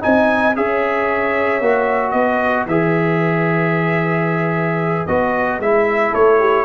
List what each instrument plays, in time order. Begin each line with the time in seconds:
0.00 tuba C4, trombone D#4, horn D#5, trumpet G#5
0.56 tuba C#4, trombone G#4, horn C#5, trumpet E5
1.61 tuba A#3, trombone F#4
2.11 tuba B3, horn B4, trumpet D#5
2.66 tuba E3, trombone G#4, trumpet E5
5.07 tuba B3, trombone F#4, trumpet D#5
5.59 tuba G#3, trombone E4, trumpet E5
6.11 tuba A3, horn A4, trumpet C#5
6.40 horn G4